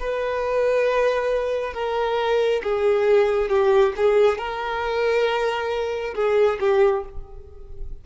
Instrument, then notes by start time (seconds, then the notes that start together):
violin
0.00 B4
1.74 A#4
2.64 G#4
3.49 G4
3.97 G#4
4.38 A#4
6.15 G#4
6.60 G4